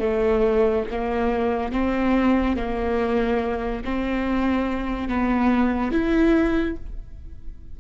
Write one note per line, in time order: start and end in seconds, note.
0.00 0.85 A3
0.91 1.72 A#3
1.72 2.57 C4
2.57 3.84 A#3
3.85 5.09 C4
5.09 5.92 B3
5.92 6.76 E4